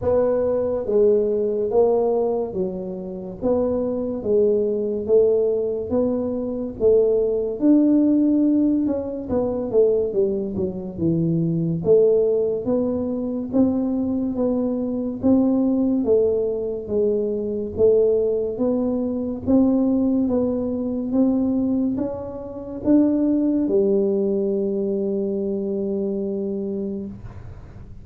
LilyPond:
\new Staff \with { instrumentName = "tuba" } { \time 4/4 \tempo 4 = 71 b4 gis4 ais4 fis4 | b4 gis4 a4 b4 | a4 d'4. cis'8 b8 a8 | g8 fis8 e4 a4 b4 |
c'4 b4 c'4 a4 | gis4 a4 b4 c'4 | b4 c'4 cis'4 d'4 | g1 | }